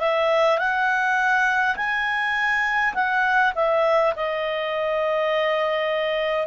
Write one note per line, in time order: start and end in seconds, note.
0.00 0.58 E5
0.58 1.76 F#5
1.76 2.94 G#5
2.95 3.53 F#5
3.55 4.14 E5
4.16 6.47 D#5